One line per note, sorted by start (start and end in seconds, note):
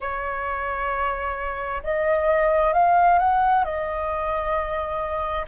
0.00 1.82 C#5
1.83 2.73 D#5
2.73 3.18 F5
3.18 3.64 F#5
3.64 5.45 D#5